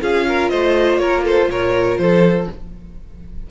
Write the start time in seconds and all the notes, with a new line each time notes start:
0.00 C#4 F4 G#4 F5
0.27 A#4
0.49 A3 C5 D#5
0.97 A#3 A#4 C#5
1.24 A4 C5
1.48 A#2 A#4 C#5
1.97 F3 A4 C5